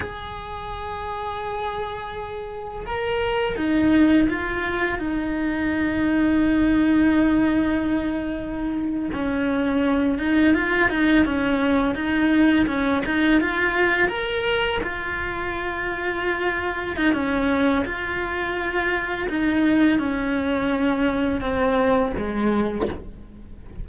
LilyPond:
\new Staff \with { instrumentName = "cello" } { \time 4/4 \tempo 4 = 84 gis'1 | ais'4 dis'4 f'4 dis'4~ | dis'1~ | dis'8. cis'4. dis'8 f'8 dis'8 cis'16~ |
cis'8. dis'4 cis'8 dis'8 f'4 ais'16~ | ais'8. f'2. dis'16 | cis'4 f'2 dis'4 | cis'2 c'4 gis4 | }